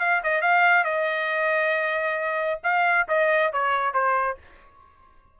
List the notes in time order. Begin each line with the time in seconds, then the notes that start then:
0.00 F5
0.24 D#5
0.42 F5
0.84 D#5
2.64 F5
3.09 D#5
3.53 C#5
3.94 C5